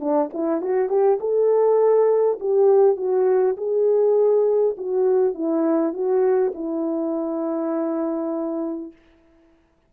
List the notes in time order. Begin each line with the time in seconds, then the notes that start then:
0.00 D4
0.33 E4
0.62 F#4
0.89 G4
1.20 A4
2.40 G4
2.97 F#4
3.57 G#4
4.77 F#4
5.34 E4
5.93 F#4
6.55 E4